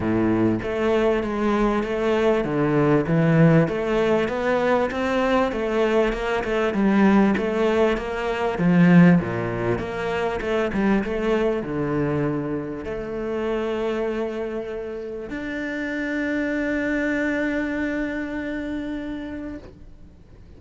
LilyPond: \new Staff \with { instrumentName = "cello" } { \time 4/4 \tempo 4 = 98 a,4 a4 gis4 a4 | d4 e4 a4 b4 | c'4 a4 ais8 a8 g4 | a4 ais4 f4 ais,4 |
ais4 a8 g8 a4 d4~ | d4 a2.~ | a4 d'2.~ | d'1 | }